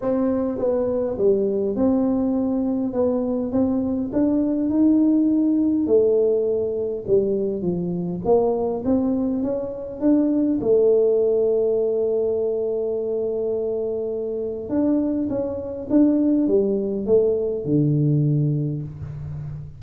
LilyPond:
\new Staff \with { instrumentName = "tuba" } { \time 4/4 \tempo 4 = 102 c'4 b4 g4 c'4~ | c'4 b4 c'4 d'4 | dis'2 a2 | g4 f4 ais4 c'4 |
cis'4 d'4 a2~ | a1~ | a4 d'4 cis'4 d'4 | g4 a4 d2 | }